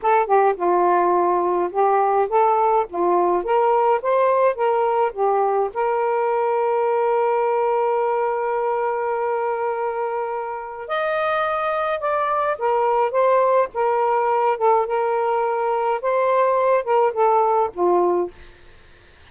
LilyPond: \new Staff \with { instrumentName = "saxophone" } { \time 4/4 \tempo 4 = 105 a'8 g'8 f'2 g'4 | a'4 f'4 ais'4 c''4 | ais'4 g'4 ais'2~ | ais'1~ |
ais'2. dis''4~ | dis''4 d''4 ais'4 c''4 | ais'4. a'8 ais'2 | c''4. ais'8 a'4 f'4 | }